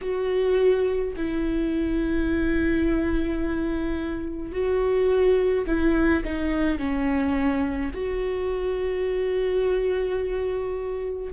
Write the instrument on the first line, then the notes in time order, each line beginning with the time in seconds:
viola
0.01 F#4
1.16 E4
4.52 F#4
5.67 E4
6.24 D#4
6.78 C#4
7.93 F#4